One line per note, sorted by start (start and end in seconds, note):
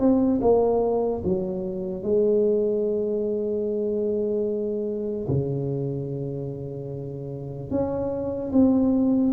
0.00 0.41 C4
0.42 1.23 A#3
1.24 2.03 F#3
2.03 5.27 G#3
5.28 7.71 C#3
7.71 8.52 C#4
8.53 9.34 C4